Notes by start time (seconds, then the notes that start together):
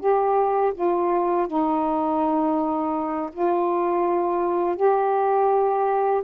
0.00 G4
0.74 F4
1.47 D#4
3.33 F4
4.76 G4